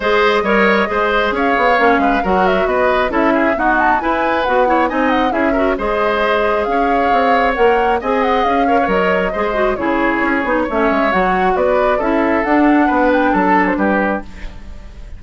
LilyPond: <<
  \new Staff \with { instrumentName = "flute" } { \time 4/4 \tempo 4 = 135 dis''2. f''4~ | f''4 fis''8 e''8 dis''4 e''4 | fis''8 a''8 gis''4 fis''4 gis''8 fis''8 | e''4 dis''2 f''4~ |
f''4 fis''4 gis''8 fis''8 f''4 | dis''2 cis''2 | e''4 fis''4 d''4 e''4 | fis''4. g''8 a''8. c''16 b'4 | }
  \new Staff \with { instrumentName = "oboe" } { \time 4/4 c''4 cis''4 c''4 cis''4~ | cis''8 b'8 ais'4 b'4 a'8 gis'8 | fis'4 b'4. cis''8 dis''4 | gis'8 ais'8 c''2 cis''4~ |
cis''2 dis''4. cis''8~ | cis''4 c''4 gis'2 | cis''2 b'4 a'4~ | a'4 b'4 a'4 g'4 | }
  \new Staff \with { instrumentName = "clarinet" } { \time 4/4 gis'4 ais'4 gis'2 | cis'4 fis'2 e'4 | b4 e'4 fis'8 e'8 dis'4 | e'8 fis'8 gis'2.~ |
gis'4 ais'4 gis'4. ais'16 b'16 | ais'4 gis'8 fis'8 e'4. dis'8 | cis'4 fis'2 e'4 | d'1 | }
  \new Staff \with { instrumentName = "bassoon" } { \time 4/4 gis4 g4 gis4 cis'8 b8 | ais8 gis8 fis4 b4 cis'4 | dis'4 e'4 b4 c'4 | cis'4 gis2 cis'4 |
c'4 ais4 c'4 cis'4 | fis4 gis4 cis4 cis'8 b8 | a8 gis8 fis4 b4 cis'4 | d'4 b4 fis4 g4 | }
>>